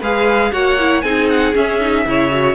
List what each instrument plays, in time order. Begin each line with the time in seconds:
0.00 cello G#3, viola G#4, violin B4 F5
0.52 cello A#3, viola F#4, violin C#5 F#5
0.79 viola E4
1.01 cello C4, viola D#4, violin G#4 G#5
1.29 violin F#5
1.55 viola C#4, cello C#4, violin E5
1.80 viola D#4
2.06 cello C#3, viola E4, violin C#5
2.31 viola F#4